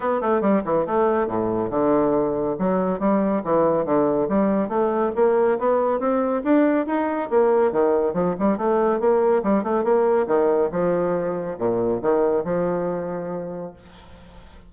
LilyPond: \new Staff \with { instrumentName = "bassoon" } { \time 4/4 \tempo 4 = 140 b8 a8 g8 e8 a4 a,4 | d2 fis4 g4 | e4 d4 g4 a4 | ais4 b4 c'4 d'4 |
dis'4 ais4 dis4 f8 g8 | a4 ais4 g8 a8 ais4 | dis4 f2 ais,4 | dis4 f2. | }